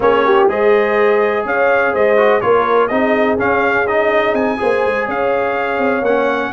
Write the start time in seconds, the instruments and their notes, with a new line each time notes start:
0.00 tuba A#3, trombone C#4, horn G#4, trumpet C#5
0.25 horn G4
0.48 tuba G#3, trombone G#4, horn C5, trumpet D#5
1.44 tuba C#4, horn C#5, trumpet F5
1.93 tuba G#3, horn C5, trumpet D#5
2.16 trombone F#4
2.40 tuba A#3, trombone F4, horn A#4, trumpet C#5
2.87 tuba C4, trombone D#4, horn G#4, trumpet D#5
3.38 trombone C#4, tuba C#4, trumpet F5
3.87 trombone D#4, trumpet D#5
4.33 tuba C4, trumpet G#5
4.57 tuba A#3, trombone G#4, horn C5
4.86 tuba G#3
5.06 tuba C#4, horn C#5, trumpet F5
5.77 tuba C4
6.01 tuba A#3, trombone C#4, trumpet F#5